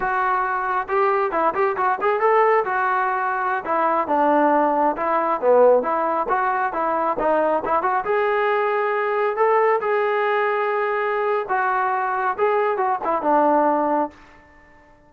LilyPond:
\new Staff \with { instrumentName = "trombone" } { \time 4/4 \tempo 4 = 136 fis'2 g'4 e'8 g'8 | fis'8 gis'8 a'4 fis'2~ | fis'16 e'4 d'2 e'8.~ | e'16 b4 e'4 fis'4 e'8.~ |
e'16 dis'4 e'8 fis'8 gis'4.~ gis'16~ | gis'4~ gis'16 a'4 gis'4.~ gis'16~ | gis'2 fis'2 | gis'4 fis'8 e'8 d'2 | }